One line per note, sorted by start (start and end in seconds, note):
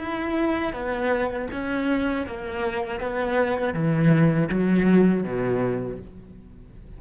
0.00 0.73 E4
0.73 1.48 B3
1.52 2.27 C#4
2.27 3.00 A#3
3.00 3.74 B3
3.74 4.49 E3
4.50 5.24 F#3
5.24 5.99 B2